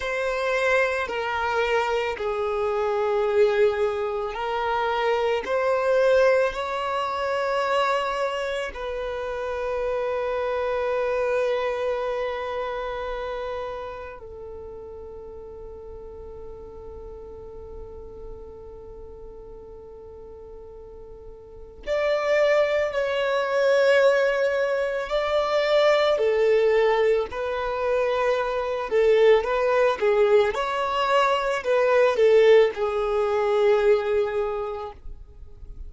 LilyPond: \new Staff \with { instrumentName = "violin" } { \time 4/4 \tempo 4 = 55 c''4 ais'4 gis'2 | ais'4 c''4 cis''2 | b'1~ | b'4 a'2.~ |
a'1 | d''4 cis''2 d''4 | a'4 b'4. a'8 b'8 gis'8 | cis''4 b'8 a'8 gis'2 | }